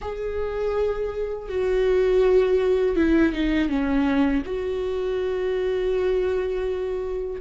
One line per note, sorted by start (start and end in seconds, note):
0.01 1.48 G#4
1.48 2.96 F#4
2.96 3.32 E4
3.32 3.68 D#4
3.68 4.42 C#4
4.45 7.41 F#4